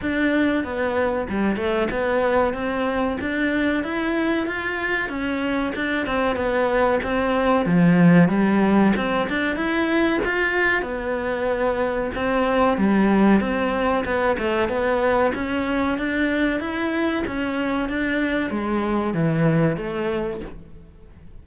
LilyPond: \new Staff \with { instrumentName = "cello" } { \time 4/4 \tempo 4 = 94 d'4 b4 g8 a8 b4 | c'4 d'4 e'4 f'4 | cis'4 d'8 c'8 b4 c'4 | f4 g4 c'8 d'8 e'4 |
f'4 b2 c'4 | g4 c'4 b8 a8 b4 | cis'4 d'4 e'4 cis'4 | d'4 gis4 e4 a4 | }